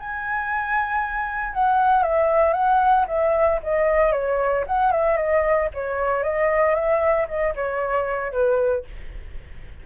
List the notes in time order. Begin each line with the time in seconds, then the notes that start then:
0.00 G#5
1.54 F#5
2.03 E5
2.54 F#5
3.08 E5
3.63 D#5
4.12 C#5
4.67 F#5
4.92 E5
5.17 D#5
5.74 C#5
6.23 D#5
6.75 E5
7.28 D#5
7.56 C#5
8.32 B4